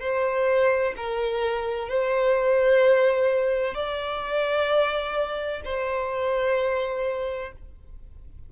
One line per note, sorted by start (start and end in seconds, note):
0.00 0.94 C5
0.96 1.89 A#4
1.89 3.74 C5
3.74 5.62 D5
5.65 7.52 C5